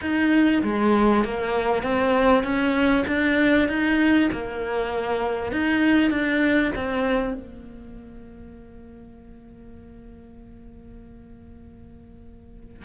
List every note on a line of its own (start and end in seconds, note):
0.01 0.62 D#4
0.63 1.24 G#3
1.24 1.82 A#3
1.82 2.43 C4
2.43 3.04 C#4
3.07 3.68 D4
3.68 4.29 D#4
4.32 5.52 A#3
5.52 6.10 D#4
6.10 6.71 D4
6.75 7.34 C4
7.34 12.84 A#3